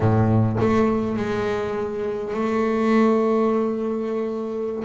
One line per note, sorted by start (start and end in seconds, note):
0.00 0.56 A2
0.60 1.16 A3
1.16 2.33 G#3
2.33 4.83 A3